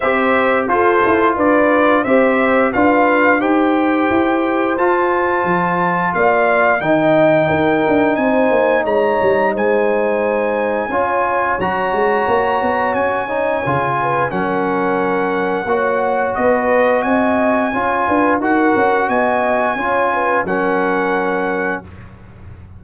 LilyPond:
<<
  \new Staff \with { instrumentName = "trumpet" } { \time 4/4 \tempo 4 = 88 e''4 c''4 d''4 e''4 | f''4 g''2 a''4~ | a''4 f''4 g''2 | gis''4 ais''4 gis''2~ |
gis''4 ais''2 gis''4~ | gis''4 fis''2. | dis''4 gis''2 fis''4 | gis''2 fis''2 | }
  \new Staff \with { instrumentName = "horn" } { \time 4/4 c''4 a'4 b'4 c''4 | b'4 c''2.~ | c''4 d''4 dis''4 ais'4 | c''4 cis''4 c''2 |
cis''1~ | cis''8 b'8 ais'2 cis''4 | b'4 dis''4 cis''8 b'8 ais'4 | dis''4 cis''8 b'8 ais'2 | }
  \new Staff \with { instrumentName = "trombone" } { \time 4/4 g'4 f'2 g'4 | f'4 g'2 f'4~ | f'2 dis'2~ | dis'1 |
f'4 fis'2~ fis'8 dis'8 | f'4 cis'2 fis'4~ | fis'2 f'4 fis'4~ | fis'4 f'4 cis'2 | }
  \new Staff \with { instrumentName = "tuba" } { \time 4/4 c'4 f'8 e'8 d'4 c'4 | d'4 dis'4 e'4 f'4 | f4 ais4 dis4 dis'8 d'8 | c'8 ais8 gis8 g8 gis2 |
cis'4 fis8 gis8 ais8 b8 cis'4 | cis4 fis2 ais4 | b4 c'4 cis'8 d'8 dis'8 cis'8 | b4 cis'4 fis2 | }
>>